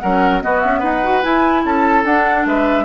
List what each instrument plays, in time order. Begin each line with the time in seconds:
0.00 bassoon F#3, clarinet C#4, oboe A#4, flute F#5
0.41 clarinet B3, bassoon B3, oboe F#4, flute D#5
0.61 bassoon C#4, flute E5
0.80 bassoon D#4, oboe B4, flute F#5
1.03 clarinet F#4
1.23 clarinet E4, bassoon E4, flute G#5
1.65 bassoon C#4, oboe A4, flute A5
2.05 bassoon D4, clarinet D4, flute F#5
2.46 bassoon G#3, oboe B4, flute E5